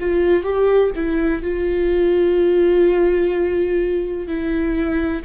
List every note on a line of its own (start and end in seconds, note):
0.00 0.43 F4
0.43 0.90 G4
0.95 1.42 E4
1.42 4.27 F4
4.27 5.23 E4